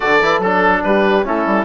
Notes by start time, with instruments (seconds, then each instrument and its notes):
0.00 bassoon D3, trombone F#4, horn A4, oboe D5
0.21 bassoon E3, trombone E4
0.38 bassoon F#3, oboe A4
0.44 trombone D4
0.83 bassoon G3, horn G4, oboe B4
1.23 bassoon A3, trombone C#4, horn E4, oboe A4
1.46 bassoon G3